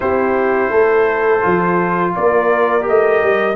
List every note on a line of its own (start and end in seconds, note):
0.00 0.71 C4
0.00 1.41 E4
0.00 0.70 G4
0.00 2.14 C5
0.70 1.42 A3
0.70 2.13 A4
1.41 2.16 F3
1.41 2.81 F4
2.15 2.87 A#3
2.15 3.56 A#4
2.15 2.86 D5
2.81 3.22 A3
2.81 3.52 G4
2.88 3.56 D#5
3.22 3.56 G3